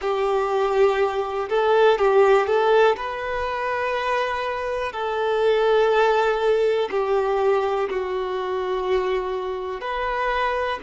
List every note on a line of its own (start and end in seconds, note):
0.01 1.48 G4
1.49 1.98 A4
1.98 2.46 G4
2.46 2.96 A4
2.96 4.92 B4
4.92 6.89 A4
6.90 7.89 G4
7.89 9.80 F#4
9.80 10.79 B4